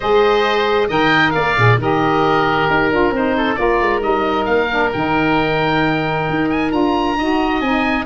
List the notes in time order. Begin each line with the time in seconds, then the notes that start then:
0.00 G#3 G#4 C5 D#5
0.88 D#3 A#4 D#5 G5
1.30 A#3 D5 F5
1.56 A#2 G#4
1.77 D#3 G4 A#4 D#5
2.69 D#4 A#4
2.91 D4 F4
3.11 C4 D#4 C5
3.37 A4
3.55 A#3 F4 A#4 D5
3.80 G#3
4.00 G3 D#4 D#5
4.45 A#3 F5
4.70 D4
4.93 D#3 D#4 G5
6.29 D#4
6.49 G#5
6.70 D4 F4 A#5
7.17 D#4 F#4 D#5
7.60 C4 D#4 G#5